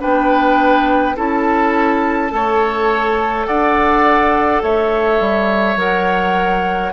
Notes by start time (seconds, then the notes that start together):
0.00 B3 D4 B4 G5
1.16 C#4 E4 A4 A5
2.29 A3 A4 C#5
3.47 D4 D5 F#5
4.62 A3 C#5 E5
5.20 G3
5.76 F#3 A#4 F#5